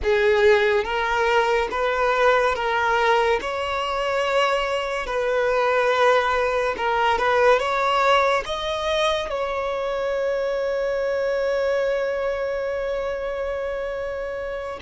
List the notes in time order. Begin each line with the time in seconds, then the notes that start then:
0.03 G#4
0.84 A#4
1.71 B4
2.55 A#4
3.41 C#5
5.06 B4
6.77 A#4
7.18 B4
7.59 C#5
8.45 D#5
9.30 C#5